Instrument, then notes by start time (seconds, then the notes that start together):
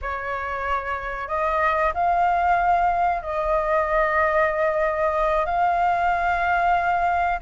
flute
0.01 C#5
1.28 D#5
1.94 F5
3.22 D#5
5.45 F5